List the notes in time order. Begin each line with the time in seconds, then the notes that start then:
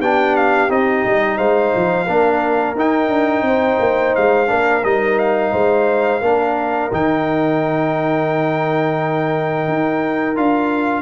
0.00 B3 D4 G4 G5
0.36 F5
0.69 C4 D#4 D#5
1.06 G3
1.37 G#3 C5 F5
1.76 F3
2.06 A#3 D4 A#4
2.75 D#4 G5
3.08 D4
3.42 C4 C5
3.79 A#3
4.16 G#3 F5
4.47 A#3 D4 A#4
4.84 G3 D#4 D#5
5.19 F5
5.52 G#3 C5
6.21 A#3 D4 A#4
6.92 D#3 D#4 G5
9.68 D#4
10.36 D4 F4 F5